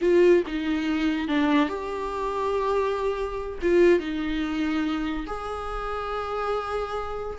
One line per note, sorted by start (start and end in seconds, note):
0.01 0.43 F4
0.46 1.28 D#4
1.28 1.68 D4
1.68 3.58 G4
3.62 3.99 F4
3.99 5.26 D#4
5.26 7.38 G#4